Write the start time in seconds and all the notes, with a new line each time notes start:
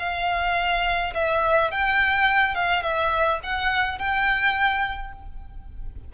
0.00 F5
1.15 E5
1.72 G5
2.55 F5
2.83 E5
3.44 F#5
3.99 G5